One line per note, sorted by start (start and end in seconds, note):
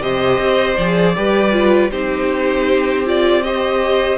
0.00 0.38 C3
0.00 0.76 G4
0.00 1.16 C5
0.00 0.76 D#5
0.38 0.76 C4
0.76 1.16 F3
0.76 1.16 G#4
0.76 1.90 D5
1.16 1.91 G3
1.16 1.52 G4
1.16 1.91 B4
1.52 1.90 F4
1.91 4.18 C4
1.91 3.05 D#4
1.91 3.42 G4
1.91 3.05 C5
3.05 3.43 F4
3.05 3.42 D5
3.42 4.18 G4
3.42 4.18 C5
3.42 4.18 D#5